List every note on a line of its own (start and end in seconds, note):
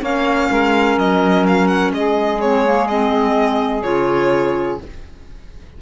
0.00 0.48 A#3
0.00 2.38 C#4
0.00 0.48 C#5
0.00 0.98 F5
0.50 0.97 G#3
0.50 1.93 A#4
0.97 1.91 F#3
0.97 1.46 D#5
1.46 1.67 F5
1.67 1.91 F#5
1.91 3.82 G#3
1.91 4.81 G#4
1.91 2.40 D#5
2.40 2.65 C4
2.40 2.87 C#5
2.65 2.89 A#3
2.87 3.83 C4
2.87 3.82 D#5
3.82 4.77 C#3
3.82 4.78 F4
3.82 4.78 C#5